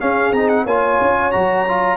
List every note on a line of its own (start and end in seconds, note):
0.00 0.33 C#4
0.00 0.32 C#4
0.00 0.65 G#4
0.00 0.33 F5
0.32 0.66 C4
0.32 0.67 D#4
0.32 0.49 A#5
0.49 0.65 F#5
0.65 0.99 A#3
0.65 1.32 F4
0.65 1.97 C#5
0.65 1.32 G#5
1.01 1.35 C#4
1.32 1.97 F#3
1.32 1.66 F#4
1.32 1.97 A#5
1.68 1.97 F4